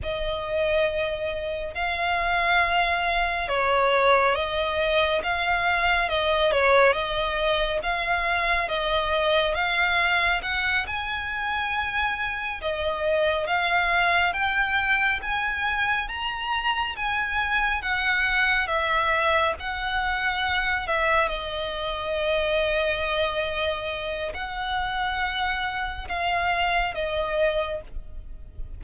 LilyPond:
\new Staff \with { instrumentName = "violin" } { \time 4/4 \tempo 4 = 69 dis''2 f''2 | cis''4 dis''4 f''4 dis''8 cis''8 | dis''4 f''4 dis''4 f''4 | fis''8 gis''2 dis''4 f''8~ |
f''8 g''4 gis''4 ais''4 gis''8~ | gis''8 fis''4 e''4 fis''4. | e''8 dis''2.~ dis''8 | fis''2 f''4 dis''4 | }